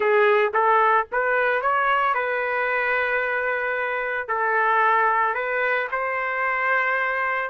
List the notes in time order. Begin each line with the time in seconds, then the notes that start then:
0.00 G#4
0.53 A4
1.12 B4
1.61 C#5
2.14 B4
4.28 A4
5.34 B4
5.91 C5